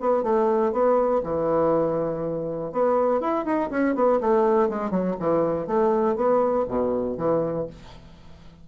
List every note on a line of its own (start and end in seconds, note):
0.00 0.23 B3
0.23 0.72 A3
0.72 1.22 B3
1.24 2.72 E3
2.72 3.21 B3
3.21 3.45 E4
3.45 3.70 D#4
3.70 3.95 C#4
3.95 4.20 B3
4.21 4.69 A3
4.69 4.91 G#3
4.91 5.15 F#3
5.19 5.67 E3
5.67 6.16 A3
6.16 6.66 B3
6.68 7.17 B2
7.17 7.67 E3